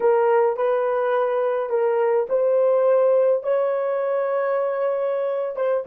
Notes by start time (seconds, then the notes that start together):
0.00 A#4
0.57 B4
1.69 A#4
2.29 C5
3.43 C#5
5.56 C5